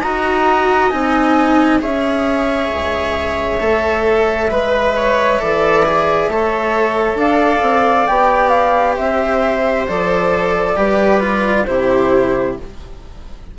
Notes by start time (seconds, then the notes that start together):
0.00 D#4 F#4 D#5 A#5
0.89 C4 D#4 G#5
1.79 C#4 G#4 C#5 E5
2.68 C#2
3.60 A3 A4
4.50 G#3 B4
4.96 C#5
5.39 E3 A4 D5
5.85 G#4
6.28 A3 A4 C#5
7.15 D4 D5 F5
7.61 C4
8.07 B3 G4 G5
8.49 F5
8.95 C4 C5 E5
9.87 F3 A4 D5
10.75 G3 G4 B4
11.20 F4
11.65 C3 E4 G4 C5